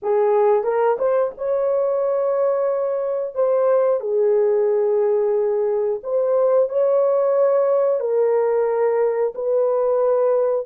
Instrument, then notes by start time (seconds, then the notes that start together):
horn
0.02 G#4
0.63 A#4
0.98 C5
1.37 C#5
3.35 C5
4.00 G#4
6.03 C5
6.68 C#5
8.00 A#4
9.34 B4